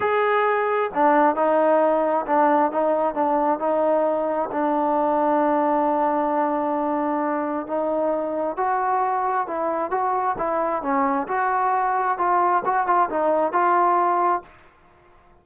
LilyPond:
\new Staff \with { instrumentName = "trombone" } { \time 4/4 \tempo 4 = 133 gis'2 d'4 dis'4~ | dis'4 d'4 dis'4 d'4 | dis'2 d'2~ | d'1~ |
d'4 dis'2 fis'4~ | fis'4 e'4 fis'4 e'4 | cis'4 fis'2 f'4 | fis'8 f'8 dis'4 f'2 | }